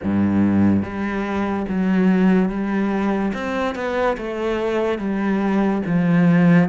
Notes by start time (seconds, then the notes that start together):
0.03 G2
0.83 G3
1.68 F#3
2.48 G3
3.33 C4
3.75 B3
4.17 A3
4.98 G3
5.85 F3